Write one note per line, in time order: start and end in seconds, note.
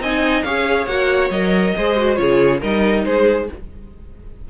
0.00 0.43 C4
0.00 0.46 D#4
0.00 0.44 D#5
0.00 0.43 G#5
0.43 0.87 C#4
0.43 0.89 G#4
0.43 1.75 C#5
0.43 0.87 F5
0.87 1.30 A#3
0.87 1.32 F#4
0.87 1.30 F#5
1.30 1.74 F#3
1.30 1.77 A#4
1.30 2.15 D#5
1.77 2.19 G#3
1.77 1.97 G#4
1.77 2.20 C5
1.97 2.16 F#4
2.15 2.62 C#3
2.15 2.59 F4
2.15 2.61 G#4
2.15 2.59 C#5
2.61 3.05 G3
2.61 3.50 D#4
2.61 3.04 A#4
2.61 3.05 D#5
3.05 3.49 G#3
3.05 3.50 G#4
3.05 3.49 C5